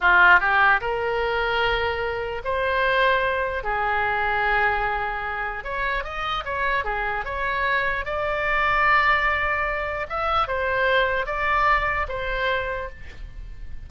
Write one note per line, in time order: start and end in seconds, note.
0.00 0.40 F4
0.40 0.80 G4
0.80 2.41 A#4
2.44 3.63 C5
3.63 5.64 G#4
5.64 6.03 C#5
6.03 6.44 D#5
6.44 6.84 C#5
6.84 7.24 G#4
7.24 8.05 C#5
8.05 10.06 D5
10.09 10.47 E5
10.47 11.26 C5
11.26 12.06 D5
12.08 12.89 C5